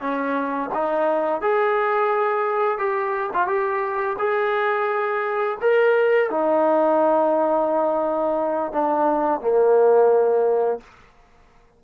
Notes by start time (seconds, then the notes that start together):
0.00 C#4
0.74 D#4
1.41 G#4
2.78 G4
3.33 F4
3.47 G4
4.18 G#4
5.61 A#4
6.30 D#4
8.72 D4
9.40 A#3